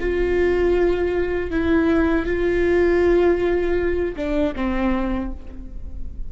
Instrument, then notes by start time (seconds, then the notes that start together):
viola
0.00 F4
1.50 E4
2.25 F4
4.16 D4
4.55 C4